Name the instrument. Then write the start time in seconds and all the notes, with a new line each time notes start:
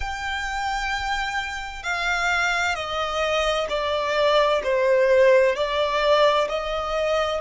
violin
0.00 G5
1.83 F5
2.74 D#5
3.69 D5
4.63 C5
5.55 D5
6.48 D#5